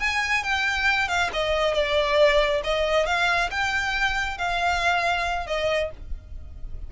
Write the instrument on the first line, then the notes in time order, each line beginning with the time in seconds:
violin
0.00 G#5
0.44 G5
1.08 F5
1.33 D#5
1.74 D5
2.64 D#5
3.06 F5
3.51 G5
4.38 F5
5.47 D#5